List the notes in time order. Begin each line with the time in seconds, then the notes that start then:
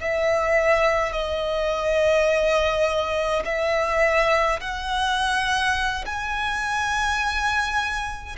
0.00 E5
1.12 D#5
3.45 E5
4.60 F#5
6.05 G#5